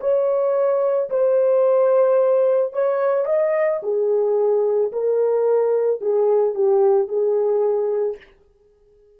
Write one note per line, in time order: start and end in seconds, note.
0.00 1.09 C#5
1.10 2.73 C5
2.73 3.25 C#5
3.25 3.80 D#5
3.82 4.91 G#4
4.92 6.01 A#4
6.01 6.55 G#4
6.55 7.08 G4
7.08 8.17 G#4